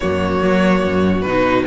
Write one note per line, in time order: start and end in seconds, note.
0.00 0.42 F#2
0.00 1.26 A#3
0.00 1.66 F#4
0.00 1.21 C#5
0.42 0.84 F#3
0.84 1.24 F#2
1.21 1.66 B2
1.21 1.66 D#4
1.21 1.63 B4